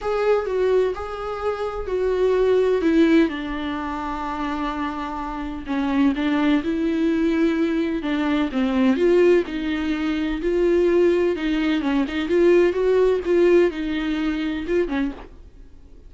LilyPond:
\new Staff \with { instrumentName = "viola" } { \time 4/4 \tempo 4 = 127 gis'4 fis'4 gis'2 | fis'2 e'4 d'4~ | d'1 | cis'4 d'4 e'2~ |
e'4 d'4 c'4 f'4 | dis'2 f'2 | dis'4 cis'8 dis'8 f'4 fis'4 | f'4 dis'2 f'8 cis'8 | }